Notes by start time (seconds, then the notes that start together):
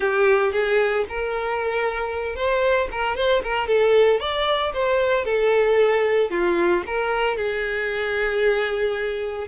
0.00 G4
0.52 G#4
1.08 A#4
2.35 C5
2.91 A#4
3.16 C5
3.43 A#4
3.67 A4
4.20 D5
4.73 C5
5.25 A4
6.30 F4
6.86 A#4
7.37 G#4